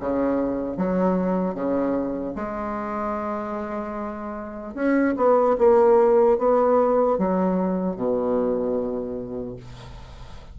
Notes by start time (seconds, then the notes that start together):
0.00 C#3
0.77 F#3
1.55 C#3
2.35 G#3
4.75 C#4
5.16 B3
5.58 A#3
6.39 B3
7.18 F#3
7.96 B2